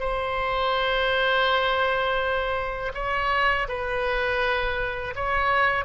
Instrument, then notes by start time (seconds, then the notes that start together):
oboe
0.00 C5
2.94 C#5
3.68 B4
5.16 C#5